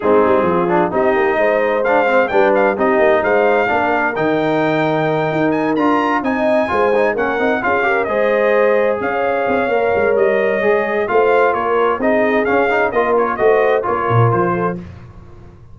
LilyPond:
<<
  \new Staff \with { instrumentName = "trumpet" } { \time 4/4 \tempo 4 = 130 gis'2 dis''2 | f''4 g''8 f''8 dis''4 f''4~ | f''4 g''2. | gis''8 ais''4 gis''2 fis''8~ |
fis''8 f''4 dis''2 f''8~ | f''2 dis''2 | f''4 cis''4 dis''4 f''4 | dis''8 cis''8 dis''4 cis''4 c''4 | }
  \new Staff \with { instrumentName = "horn" } { \time 4/4 dis'4 f'4 g'4 c''4~ | c''4 b'4 g'4 c''4 | ais'1~ | ais'4. dis''4 c''4 ais'8~ |
ais'8 gis'8 ais'8 c''2 cis''8~ | cis''1 | c''4 ais'4 gis'2 | ais'4 c''4 ais'4. a'8 | }
  \new Staff \with { instrumentName = "trombone" } { \time 4/4 c'4. d'8 dis'2 | d'8 c'8 d'4 dis'2 | d'4 dis'2.~ | dis'8 f'4 dis'4 f'8 dis'8 cis'8 |
dis'8 f'8 g'8 gis'2~ gis'8~ | gis'4 ais'2 gis'4 | f'2 dis'4 cis'8 dis'8 | f'4 fis'4 f'2 | }
  \new Staff \with { instrumentName = "tuba" } { \time 4/4 gis8 g8 f4 c'8 ais8 gis4~ | gis4 g4 c'8 ais8 gis4 | ais4 dis2~ dis8 dis'8~ | dis'8 d'4 c'4 gis4 ais8 |
c'8 cis'4 gis2 cis'8~ | cis'8 c'8 ais8 gis8 g4 gis4 | a4 ais4 c'4 cis'4 | ais4 a4 ais8 ais,8 f4 | }
>>